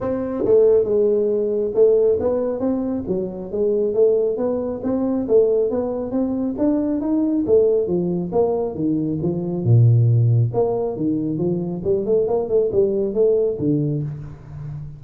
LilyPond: \new Staff \with { instrumentName = "tuba" } { \time 4/4 \tempo 4 = 137 c'4 a4 gis2 | a4 b4 c'4 fis4 | gis4 a4 b4 c'4 | a4 b4 c'4 d'4 |
dis'4 a4 f4 ais4 | dis4 f4 ais,2 | ais4 dis4 f4 g8 a8 | ais8 a8 g4 a4 d4 | }